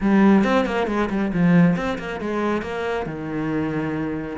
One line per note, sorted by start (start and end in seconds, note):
0.01 0.43 G3
0.43 0.65 C4
0.65 0.87 A#3
0.87 1.09 G#3
1.09 1.31 G3
1.33 1.76 F3
1.76 1.98 C4
1.98 2.20 A#3
2.20 2.62 G#3
2.62 3.06 A#3
3.06 4.37 D#3